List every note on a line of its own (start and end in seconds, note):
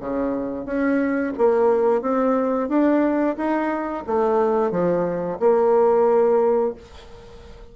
0.00 0.65 C#3
0.65 1.33 C#4
1.37 2.01 A#3
2.01 2.69 C4
2.69 3.36 D4
3.36 4.04 D#4
4.07 4.71 A3
4.71 5.38 F3
5.39 6.74 A#3